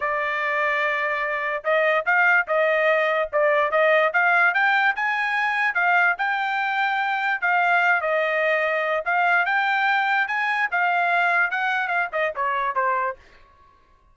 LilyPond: \new Staff \with { instrumentName = "trumpet" } { \time 4/4 \tempo 4 = 146 d''1 | dis''4 f''4 dis''2 | d''4 dis''4 f''4 g''4 | gis''2 f''4 g''4~ |
g''2 f''4. dis''8~ | dis''2 f''4 g''4~ | g''4 gis''4 f''2 | fis''4 f''8 dis''8 cis''4 c''4 | }